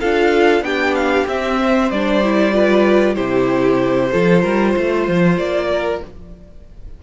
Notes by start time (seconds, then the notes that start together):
0.00 D4 F4 A4 F5
0.61 B3 D4 G4 G5
0.94 F5
1.27 C4 E5
1.61 C5
1.90 G3 D4 D5
2.23 E4
2.52 F4 B4
3.15 C3 E4 G4 C5
4.11 F3 F4 A4
4.42 G3 A#4
4.71 A3 C5
5.08 F3
5.37 A#3 D5
5.71 A#4